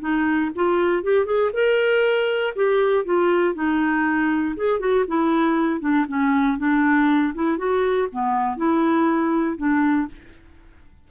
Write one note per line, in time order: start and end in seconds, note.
0.00 0.50 D#4
0.55 1.03 F4
1.03 1.26 G4
1.26 1.51 G#4
1.53 2.54 A#4
2.55 3.05 G4
3.05 3.54 F4
3.54 4.55 D#4
4.56 4.79 G#4
4.79 5.05 F#4
5.08 5.80 E4
5.80 6.05 D4
6.08 6.58 C#4
6.58 7.33 D4
7.34 7.57 E4
7.57 8.08 F#4
8.12 8.57 B3
8.57 9.57 E4
9.57 10.07 D4